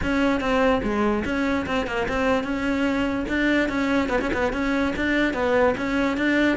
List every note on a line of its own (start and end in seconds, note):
0.02 0.40 C#4
0.40 0.81 C4
0.82 1.23 G#3
1.24 1.66 C#4
1.66 1.86 C4
1.86 2.07 A#3
2.08 2.43 C4
2.43 3.25 C#4
3.28 3.68 D4
3.68 4.09 C#4
4.09 4.19 B3
4.21 4.31 C#4
4.33 4.52 B3
4.52 4.94 C#4
4.95 5.33 D4
5.33 5.74 B3
5.77 6.17 C#4
6.17 6.57 D4